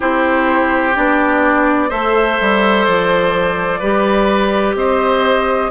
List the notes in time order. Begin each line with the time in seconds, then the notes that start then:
0.00 C4 E4 G4 C5
0.94 B3 D4 D5
1.89 A3 A4 C5 E5
2.40 G3
2.85 F3 D5
3.79 G3 G4 B4
4.74 C4 C5 D#5